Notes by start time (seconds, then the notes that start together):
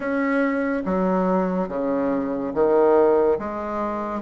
0.00 C#4
0.85 F#3
1.68 C#3
2.54 D#3
3.38 G#3